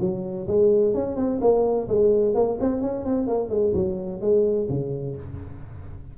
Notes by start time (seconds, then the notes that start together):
0.00 F#3
0.48 G#3
0.94 C#4
1.16 C4
1.41 A#3
1.88 G#3
2.35 A#3
2.60 C4
2.81 C#4
3.05 C4
3.27 A#3
3.50 G#3
3.74 F#3
4.21 G#3
4.69 C#3